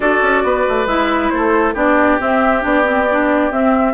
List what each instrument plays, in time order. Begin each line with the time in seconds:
0.00 bassoon D4, clarinet F#4, oboe A4, flute D5
0.22 bassoon C#4
0.43 bassoon B3, oboe B4
0.68 bassoon A3
0.85 bassoon G#3, clarinet E4, flute E5
1.29 bassoon A3, oboe A4, flute C5
1.73 bassoon B3, clarinet D4, oboe G4, flute D5
2.19 clarinet C4, bassoon C4, flute E5
2.61 bassoon B3, clarinet D4, flute D5
2.84 clarinet C4
3.11 clarinet D4
3.51 bassoon C4, clarinet C4, flute E5